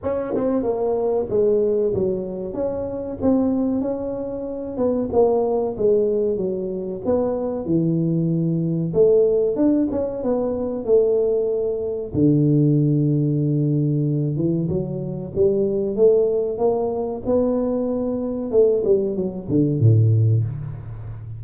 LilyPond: \new Staff \with { instrumentName = "tuba" } { \time 4/4 \tempo 4 = 94 cis'8 c'8 ais4 gis4 fis4 | cis'4 c'4 cis'4. b8 | ais4 gis4 fis4 b4 | e2 a4 d'8 cis'8 |
b4 a2 d4~ | d2~ d8 e8 fis4 | g4 a4 ais4 b4~ | b4 a8 g8 fis8 d8 a,4 | }